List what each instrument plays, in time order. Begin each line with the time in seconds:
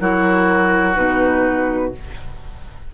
0.00 bassoon F#3, clarinet E4, oboe F#4, flute A#4
0.95 bassoon B2, clarinet D#4, flute B4